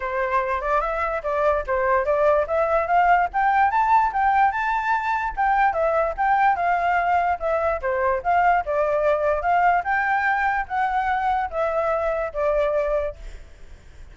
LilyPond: \new Staff \with { instrumentName = "flute" } { \time 4/4 \tempo 4 = 146 c''4. d''8 e''4 d''4 | c''4 d''4 e''4 f''4 | g''4 a''4 g''4 a''4~ | a''4 g''4 e''4 g''4 |
f''2 e''4 c''4 | f''4 d''2 f''4 | g''2 fis''2 | e''2 d''2 | }